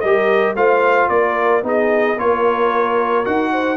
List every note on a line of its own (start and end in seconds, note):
0.00 0.55 G3
0.00 0.56 G4
0.00 0.56 A#4
0.00 0.54 D#5
0.55 1.08 A3
0.55 1.63 F4
0.55 1.09 C5
0.55 1.09 F5
1.09 1.63 A#3
1.09 1.65 A#4
1.09 1.63 D5
1.63 2.17 B3
1.63 2.17 D#4
1.63 2.18 G#4
1.63 2.19 D#5
2.18 3.25 A#3
2.18 3.25 F4
2.18 3.51 A#4
2.18 3.25 C#5
3.25 3.77 D#4
3.25 3.77 F#4
3.25 3.77 F#5
3.52 3.77 C5